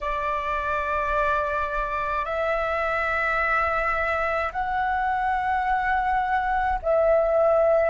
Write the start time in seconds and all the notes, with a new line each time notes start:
0.00 D5
2.25 E5
4.52 F#5
6.82 E5